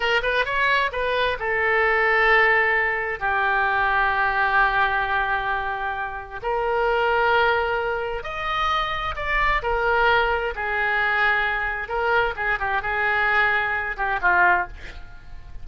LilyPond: \new Staff \with { instrumentName = "oboe" } { \time 4/4 \tempo 4 = 131 ais'8 b'8 cis''4 b'4 a'4~ | a'2. g'4~ | g'1~ | g'2 ais'2~ |
ais'2 dis''2 | d''4 ais'2 gis'4~ | gis'2 ais'4 gis'8 g'8 | gis'2~ gis'8 g'8 f'4 | }